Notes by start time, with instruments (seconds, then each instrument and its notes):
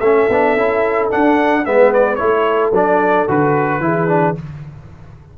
0.00 tuba A3, trombone C#4, horn A4, trumpet E5
0.29 tuba B3, trombone D4
0.56 tuba C#4, trombone E4
1.10 trombone D4, tuba D4, trumpet F#5
1.66 tuba G#3, trombone B3, horn B4, trumpet E5
1.94 trumpet D5
2.16 tuba A3, trombone E4, horn A4, trumpet C#5
2.72 tuba F#3, trombone D4, trumpet D5
3.28 tuba D3, trombone F#4, trumpet B4
3.80 tuba E3, trombone E4, horn G#4
4.08 trombone D4